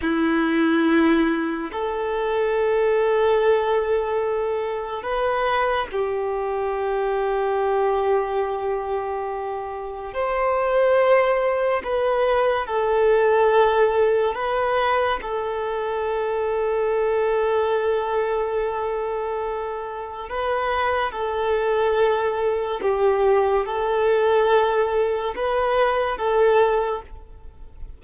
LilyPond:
\new Staff \with { instrumentName = "violin" } { \time 4/4 \tempo 4 = 71 e'2 a'2~ | a'2 b'4 g'4~ | g'1 | c''2 b'4 a'4~ |
a'4 b'4 a'2~ | a'1 | b'4 a'2 g'4 | a'2 b'4 a'4 | }